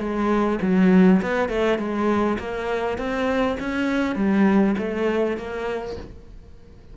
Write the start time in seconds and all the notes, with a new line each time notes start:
0.00 G#3
0.62 F#3
1.22 B3
1.49 A3
1.79 G#3
2.39 A#3
2.98 C4
3.60 C#4
4.16 G3
4.78 A3
5.37 A#3